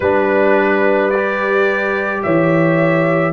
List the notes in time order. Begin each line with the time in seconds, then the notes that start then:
0.00 G3 D4 B4
1.10 G4 D5
2.22 E3 C#5 E5